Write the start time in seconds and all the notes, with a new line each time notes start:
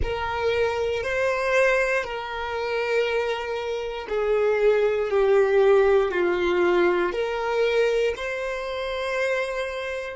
0.02 A#4
1.03 C5
2.03 A#4
4.09 G#4
5.10 G4
6.11 F4
7.12 A#4
8.16 C5